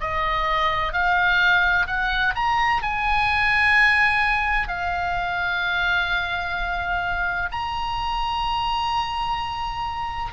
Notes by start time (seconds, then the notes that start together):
0.00 D#5
0.92 F5
1.87 F#5
2.35 A#5
2.82 G#5
4.68 F5
7.52 A#5